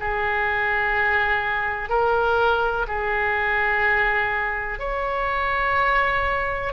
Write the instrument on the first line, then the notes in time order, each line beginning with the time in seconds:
oboe
0.00 G#4
1.90 A#4
2.88 G#4
4.79 C#5